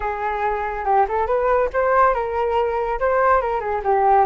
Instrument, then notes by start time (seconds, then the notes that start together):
flute
0.00 G#4
0.84 G4
1.08 A4
1.26 B4
1.73 C5
2.14 A#4
2.99 C5
3.41 A#4
3.60 G#4
3.84 G4